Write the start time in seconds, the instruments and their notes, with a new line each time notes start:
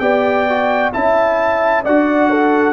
0.00 tuba B3, trombone G4, horn D5, trumpet G5
0.49 trombone F#4
0.94 tuba C#4, trombone E4, horn E5, trumpet A5
1.85 tuba D4, trombone F#4, horn D5, trumpet F#5
2.30 horn A4